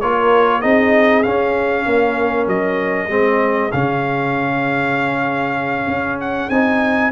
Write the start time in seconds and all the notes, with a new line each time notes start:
0.00 A#3 F4 A#4 C#5
0.61 C4 D#4 G#4 D#5
1.22 C#4 F5
1.86 A#3 A#4
2.47 F#3 D#5
3.08 G#3 C4 G#4
3.72 C#3 C#4 F5
5.87 C#4
6.20 F#5
6.49 C4 D#4 G#5